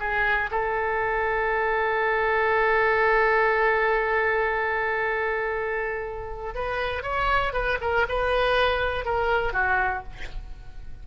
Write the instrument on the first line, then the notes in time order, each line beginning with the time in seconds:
oboe
0.00 G#4
0.51 A4
6.55 B4
7.03 C#5
7.53 B4
7.81 A#4
8.09 B4
9.05 A#4
9.53 F#4